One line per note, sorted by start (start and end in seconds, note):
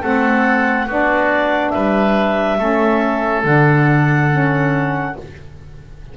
0.00 0.87 A3
0.00 0.87 C4
0.00 0.86 A4
0.00 0.88 F#5
0.86 1.72 B3
0.86 2.58 D4
0.86 1.72 F#4
0.86 1.70 D5
1.70 2.58 G3
1.70 2.58 B4
1.70 3.41 E5
2.58 3.44 A3
2.58 3.44 C#4
2.58 5.15 A4
3.44 5.16 D3
3.44 4.30 D4
3.44 5.17 F#5
4.30 5.16 C#4